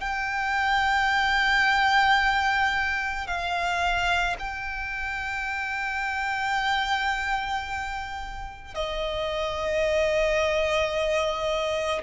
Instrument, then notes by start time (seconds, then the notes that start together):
violin
0.00 G5
3.27 F5
4.39 G5
8.74 D#5